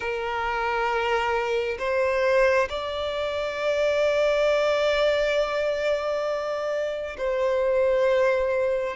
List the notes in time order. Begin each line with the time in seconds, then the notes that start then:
0.00 A#4
1.78 C5
2.69 D5
7.17 C5